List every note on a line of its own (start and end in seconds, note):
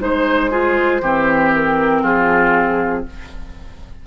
0.00 1.01 G#3
0.00 0.50 D#4
0.00 1.53 C5
0.00 0.50 C5
0.50 1.01 F4
0.50 1.01 G#4
1.01 2.03 E3
1.01 3.07 C4
1.01 2.02 G4
1.54 2.04 A#4
2.02 3.05 F3
2.02 3.04 F4
2.02 3.05 G#4